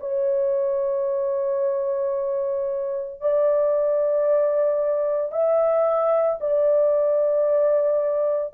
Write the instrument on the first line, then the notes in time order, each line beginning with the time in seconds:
horn
0.00 C#5
3.20 D5
5.32 E5
6.40 D5